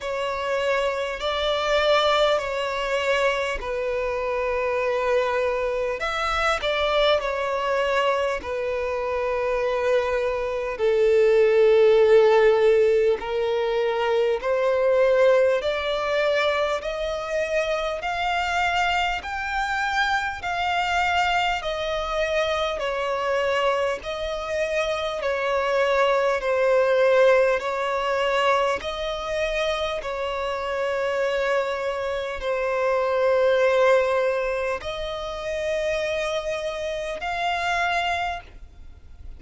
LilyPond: \new Staff \with { instrumentName = "violin" } { \time 4/4 \tempo 4 = 50 cis''4 d''4 cis''4 b'4~ | b'4 e''8 d''8 cis''4 b'4~ | b'4 a'2 ais'4 | c''4 d''4 dis''4 f''4 |
g''4 f''4 dis''4 cis''4 | dis''4 cis''4 c''4 cis''4 | dis''4 cis''2 c''4~ | c''4 dis''2 f''4 | }